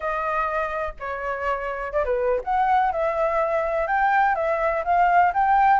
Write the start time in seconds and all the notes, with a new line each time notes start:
0.00 D#5
0.99 C#5
1.92 D5
2.05 B4
2.44 F#5
2.92 E5
3.87 G5
4.35 E5
4.84 F5
5.33 G5